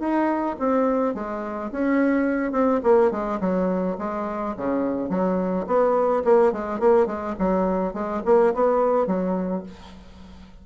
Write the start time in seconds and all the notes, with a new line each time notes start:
0.00 D#4
0.59 C4
1.15 G#3
1.72 C#4
2.52 C4
2.83 A#3
3.11 G#3
3.41 F#3
3.99 G#3
4.57 C#3
5.10 F#3
5.67 B3
6.24 A#3
6.53 G#3
6.80 A#3
7.07 G#3
7.39 F#3
7.94 G#3
8.26 A#3
8.54 B3
9.07 F#3